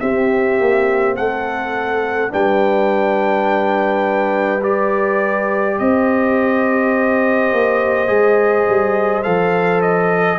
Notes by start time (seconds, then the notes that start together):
0.00 C4 G4 E5
0.60 A#3
1.16 A3 A4 F#5
2.30 G3 D4 B4 G5
4.62 G4 D5
5.79 C4 C5 D#5
7.52 A#3
8.07 G#3 G#4
8.69 G3
9.24 F3 A4 F5
9.82 D#5